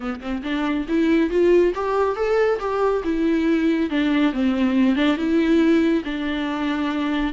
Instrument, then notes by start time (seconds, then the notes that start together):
viola
0.00 B3
0.20 C4
0.43 D4
0.88 E4
1.29 F4
1.74 G4
2.16 A4
2.59 G4
3.04 E4
3.90 D4
4.32 C4
4.95 D4
5.16 E4
6.04 D4